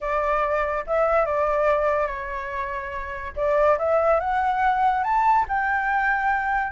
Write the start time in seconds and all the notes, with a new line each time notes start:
0.00 D5
0.86 E5
1.25 D5
2.07 C#5
3.35 D5
3.78 E5
4.19 F#5
5.03 A5
5.48 G5